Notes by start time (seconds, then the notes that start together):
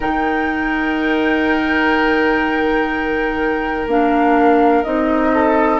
0.00 D#3 D#4 A#4 G5
3.86 A#3 D4 F5
4.83 C4 D#4 D#5
5.33 A4